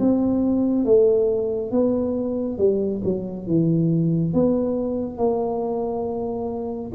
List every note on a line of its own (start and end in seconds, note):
0.00 0.85 C4
0.85 1.72 A3
1.72 2.58 B3
2.58 3.02 G3
3.05 3.47 F#3
3.47 4.34 E3
4.34 5.18 B3
5.18 6.92 A#3